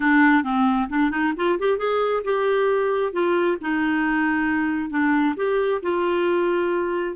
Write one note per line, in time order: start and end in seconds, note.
0.00 0.43 D4
0.43 0.88 C4
0.89 1.11 D4
1.11 1.33 D#4
1.36 1.58 F4
1.59 1.77 G4
1.77 2.22 G#4
2.24 3.12 G4
3.12 3.57 F4
3.61 4.90 D#4
4.90 5.34 D4
5.36 5.81 G4
5.82 7.16 F4